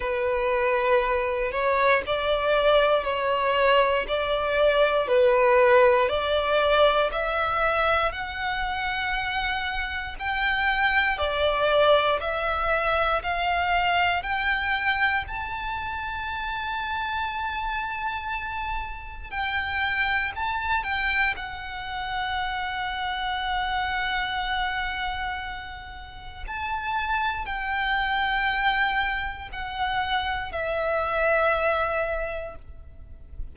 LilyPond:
\new Staff \with { instrumentName = "violin" } { \time 4/4 \tempo 4 = 59 b'4. cis''8 d''4 cis''4 | d''4 b'4 d''4 e''4 | fis''2 g''4 d''4 | e''4 f''4 g''4 a''4~ |
a''2. g''4 | a''8 g''8 fis''2.~ | fis''2 a''4 g''4~ | g''4 fis''4 e''2 | }